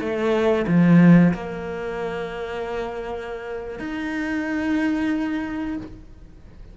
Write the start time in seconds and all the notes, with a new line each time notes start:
0.00 A3
0.67 F3
1.34 A#3
3.79 D#4